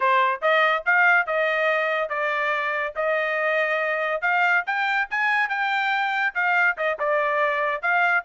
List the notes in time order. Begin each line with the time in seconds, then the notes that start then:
0.00 C5
0.41 D#5
0.85 F5
1.26 D#5
2.09 D5
2.95 D#5
4.21 F5
4.66 G5
5.10 G#5
5.49 G5
6.34 F5
6.77 D#5
6.99 D5
7.81 F5